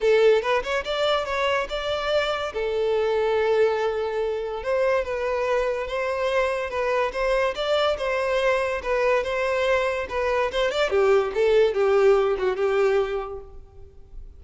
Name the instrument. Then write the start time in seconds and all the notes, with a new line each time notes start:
violin
0.00 A4
0.42 B4
0.63 C#5
0.84 D5
1.25 C#5
1.69 D5
2.53 A4
4.63 C5
5.04 B4
5.87 C5
6.69 B4
7.12 C5
7.55 D5
7.97 C5
8.82 B4
9.23 C5
10.09 B4
10.51 C5
10.71 D5
10.90 G4
11.34 A4
11.74 G4
12.38 F#4
12.56 G4